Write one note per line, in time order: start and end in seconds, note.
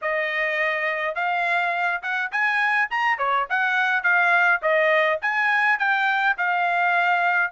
0.01 1.15 D#5
1.15 2.01 F5
2.02 2.31 F#5
2.31 2.89 G#5
2.90 3.18 A#5
3.18 3.47 C#5
3.49 4.03 F#5
4.03 4.60 F5
4.62 5.19 D#5
5.21 5.78 G#5
5.78 6.36 G5
6.37 7.51 F5